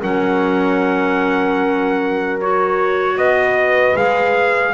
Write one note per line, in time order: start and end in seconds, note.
0.00 3.16 F#3
0.00 2.38 C#4
0.00 3.16 A#4
0.00 2.40 F#5
2.40 3.96 F#4
2.40 3.17 C#5
3.16 3.95 B3
3.16 4.74 B4
3.16 3.96 D#5
3.96 4.74 G#3
3.96 4.74 G#4
3.96 4.74 F5